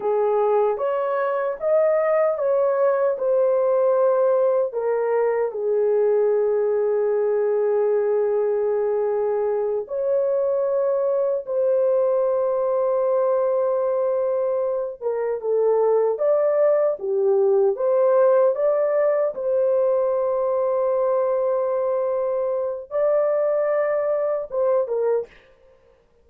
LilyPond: \new Staff \with { instrumentName = "horn" } { \time 4/4 \tempo 4 = 76 gis'4 cis''4 dis''4 cis''4 | c''2 ais'4 gis'4~ | gis'1~ | gis'8 cis''2 c''4.~ |
c''2. ais'8 a'8~ | a'8 d''4 g'4 c''4 d''8~ | d''8 c''2.~ c''8~ | c''4 d''2 c''8 ais'8 | }